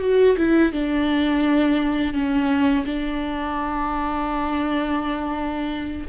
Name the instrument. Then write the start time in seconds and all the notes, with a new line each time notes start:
viola
0.00 F#4
0.37 E4
0.72 D4
2.13 C#4
2.85 D4